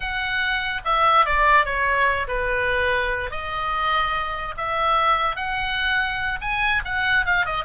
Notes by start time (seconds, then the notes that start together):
0.00 F#5
0.84 E5
1.25 D5
1.65 C#5
2.27 B4
3.30 D#5
4.57 E5
5.35 F#5
6.41 G#5
6.84 F#5
7.25 F5
7.45 D#5